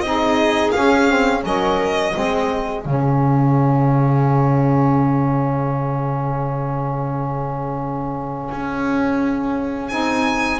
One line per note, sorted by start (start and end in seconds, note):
0.00 0.72 C4
0.00 0.74 D#4
0.00 1.46 G#4
0.00 0.71 D#5
0.71 1.08 C#4
0.71 1.44 C#4
0.71 1.41 F5
1.08 1.42 C4
1.42 2.14 F#3
1.42 2.12 C#4
1.42 2.14 A#4
1.42 2.84 D#5
2.12 2.85 G#3
2.12 2.83 C4
2.12 10.60 G#4
2.84 8.50 C#3
2.84 9.90 C#4
2.84 9.89 F5
8.51 9.90 C#4
9.89 10.60 C4
9.89 10.60 D#4
9.89 10.59 G#5